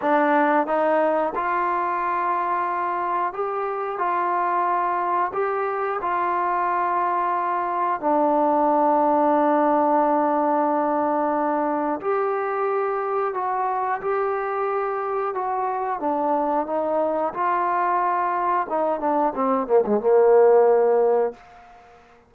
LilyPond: \new Staff \with { instrumentName = "trombone" } { \time 4/4 \tempo 4 = 90 d'4 dis'4 f'2~ | f'4 g'4 f'2 | g'4 f'2. | d'1~ |
d'2 g'2 | fis'4 g'2 fis'4 | d'4 dis'4 f'2 | dis'8 d'8 c'8 ais16 gis16 ais2 | }